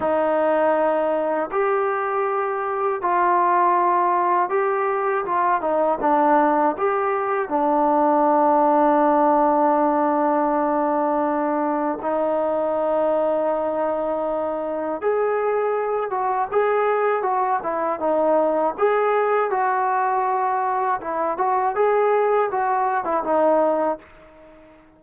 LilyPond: \new Staff \with { instrumentName = "trombone" } { \time 4/4 \tempo 4 = 80 dis'2 g'2 | f'2 g'4 f'8 dis'8 | d'4 g'4 d'2~ | d'1 |
dis'1 | gis'4. fis'8 gis'4 fis'8 e'8 | dis'4 gis'4 fis'2 | e'8 fis'8 gis'4 fis'8. e'16 dis'4 | }